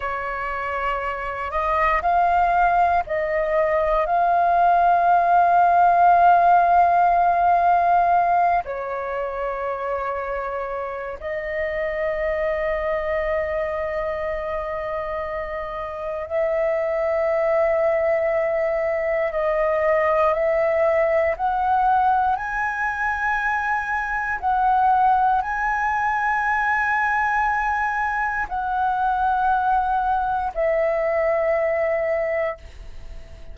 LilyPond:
\new Staff \with { instrumentName = "flute" } { \time 4/4 \tempo 4 = 59 cis''4. dis''8 f''4 dis''4 | f''1~ | f''8 cis''2~ cis''8 dis''4~ | dis''1 |
e''2. dis''4 | e''4 fis''4 gis''2 | fis''4 gis''2. | fis''2 e''2 | }